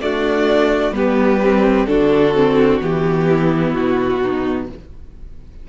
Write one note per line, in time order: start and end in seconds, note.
0.00 0.93 A3
0.00 0.91 D4
0.00 0.95 F#4
0.00 0.94 D5
0.91 1.85 G3
0.91 1.40 B3
0.91 1.89 G4
0.91 1.86 B4
1.42 1.88 C4
1.86 2.81 D3
1.86 2.35 D4
1.86 3.29 F#4
1.86 2.79 A4
2.35 2.81 C4
2.81 3.75 E3
2.81 4.69 B3
2.81 3.73 G4
3.29 4.21 E4
3.73 4.69 B2
3.73 4.67 F#4
4.21 4.68 D#4